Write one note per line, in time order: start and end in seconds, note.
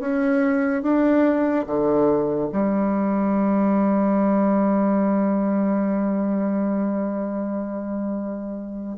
0.00 0.83 C#4
0.83 1.66 D4
1.67 2.50 D3
2.52 8.98 G3